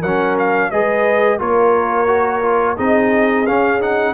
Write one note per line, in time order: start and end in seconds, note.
0.00 0.72 F#3
0.00 0.69 A#4
0.00 0.37 F#5
0.06 0.73 C#4
0.39 0.71 F5
0.71 1.41 G#3
0.71 1.39 G#4
0.71 1.38 B4
0.71 1.40 D#5
1.38 2.78 A#3
1.38 2.07 F4
1.38 2.76 A#4
1.38 2.78 C#5
2.07 2.42 F#4
2.42 2.77 F4
2.76 3.48 C4
2.76 3.46 D#4
2.76 4.14 G#4
2.76 3.47 D#5
3.47 4.14 C#4
3.47 3.81 C#4
3.47 3.81 F5
3.81 4.14 D#4
3.81 4.14 F#5